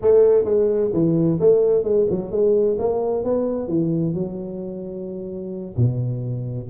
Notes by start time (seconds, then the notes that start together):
0.01 A3
0.44 G#3
0.93 E3
1.40 A3
1.83 G#3
2.09 F#3
2.31 G#3
2.78 A#3
3.23 B3
3.68 E3
4.13 F#3
5.76 B2